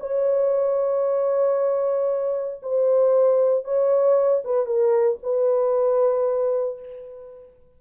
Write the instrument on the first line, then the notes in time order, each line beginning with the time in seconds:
horn
0.00 C#5
2.63 C5
3.65 C#5
4.45 B4
4.66 A#4
5.23 B4